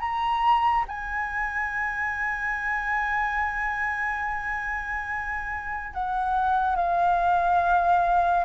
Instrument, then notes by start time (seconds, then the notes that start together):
flute
0.00 A#5
0.88 G#5
5.93 F#5
6.76 F5